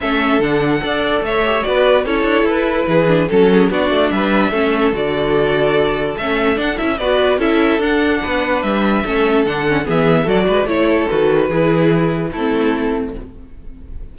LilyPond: <<
  \new Staff \with { instrumentName = "violin" } { \time 4/4 \tempo 4 = 146 e''4 fis''2 e''4 | d''4 cis''4 b'2 | a'4 d''4 e''2 | d''2. e''4 |
fis''8 e''8 d''4 e''4 fis''4~ | fis''4 e''2 fis''4 | e''4 d''4 cis''4 b'4~ | b'2 a'2 | }
  \new Staff \with { instrumentName = "violin" } { \time 4/4 a'2 d''4 cis''4 | b'4 a'2 gis'4 | a'8 gis'8 fis'4 b'4 a'4~ | a'1~ |
a'4 b'4 a'2 | b'2 a'2 | gis'4 a'8 b'8 cis''8 a'4. | gis'2 e'2 | }
  \new Staff \with { instrumentName = "viola" } { \time 4/4 cis'4 d'4 a'4. g'8 | fis'4 e'2~ e'8 d'8 | cis'4 d'2 cis'4 | fis'2. cis'4 |
d'8 e'8 fis'4 e'4 d'4~ | d'2 cis'4 d'8 cis'8 | b4 fis'4 e'4 fis'4 | e'2 c'2 | }
  \new Staff \with { instrumentName = "cello" } { \time 4/4 a4 d4 d'4 a4 | b4 cis'8 d'8 e'4 e4 | fis4 b8 a8 g4 a4 | d2. a4 |
d'8 cis'8 b4 cis'4 d'4 | b4 g4 a4 d4 | e4 fis8 gis8 a4 dis4 | e2 a2 | }
>>